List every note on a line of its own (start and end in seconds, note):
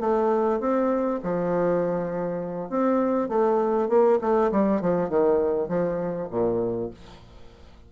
0.00 0.60 A3
0.60 1.20 C4
1.23 2.69 F3
2.69 3.29 C4
3.29 3.89 A3
3.89 4.19 A#3
4.21 4.51 A3
4.52 4.81 G3
4.81 5.09 F3
5.09 5.69 D#3
5.69 6.29 F3
6.31 6.91 A#2